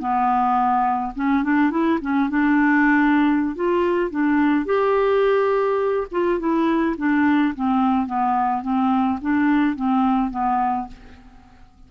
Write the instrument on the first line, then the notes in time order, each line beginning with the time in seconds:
clarinet
0.00 B3
1.16 C#4
1.44 D4
1.71 E4
2.02 C#4
2.30 D4
3.56 F4
4.11 D4
4.66 G4
6.12 F4
6.40 E4
6.98 D4
7.55 C4
8.07 B3
8.63 C4
9.22 D4
9.76 C4
10.31 B3